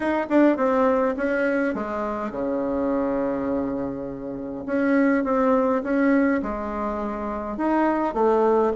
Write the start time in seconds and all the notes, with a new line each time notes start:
0.00 D#4
0.29 D4
0.57 C4
1.17 C#4
1.74 G#3
2.31 C#3
4.66 C#4
5.24 C4
5.83 C#4
6.42 G#3
7.57 D#4
8.14 A3